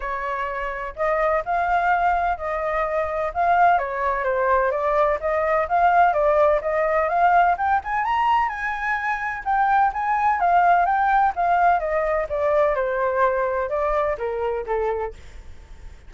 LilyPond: \new Staff \with { instrumentName = "flute" } { \time 4/4 \tempo 4 = 127 cis''2 dis''4 f''4~ | f''4 dis''2 f''4 | cis''4 c''4 d''4 dis''4 | f''4 d''4 dis''4 f''4 |
g''8 gis''8 ais''4 gis''2 | g''4 gis''4 f''4 g''4 | f''4 dis''4 d''4 c''4~ | c''4 d''4 ais'4 a'4 | }